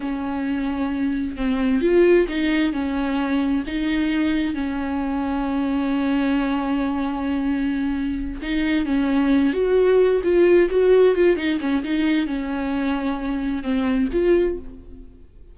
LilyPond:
\new Staff \with { instrumentName = "viola" } { \time 4/4 \tempo 4 = 132 cis'2. c'4 | f'4 dis'4 cis'2 | dis'2 cis'2~ | cis'1~ |
cis'2~ cis'8 dis'4 cis'8~ | cis'4 fis'4. f'4 fis'8~ | fis'8 f'8 dis'8 cis'8 dis'4 cis'4~ | cis'2 c'4 f'4 | }